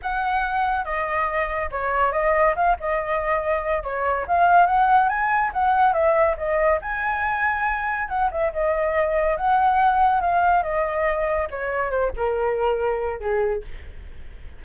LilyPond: \new Staff \with { instrumentName = "flute" } { \time 4/4 \tempo 4 = 141 fis''2 dis''2 | cis''4 dis''4 f''8 dis''4.~ | dis''4 cis''4 f''4 fis''4 | gis''4 fis''4 e''4 dis''4 |
gis''2. fis''8 e''8 | dis''2 fis''2 | f''4 dis''2 cis''4 | c''8 ais'2~ ais'8 gis'4 | }